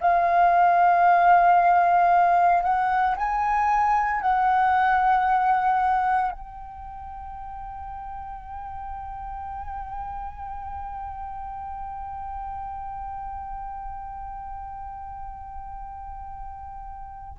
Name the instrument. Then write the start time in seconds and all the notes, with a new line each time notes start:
flute
0.00 F5
2.63 F#5
3.16 G#5
4.21 F#5
6.32 G5